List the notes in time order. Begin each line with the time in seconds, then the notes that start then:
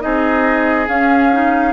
0.00 C4 D#4 G#4 D#5
0.88 C#4 F5
1.32 D#4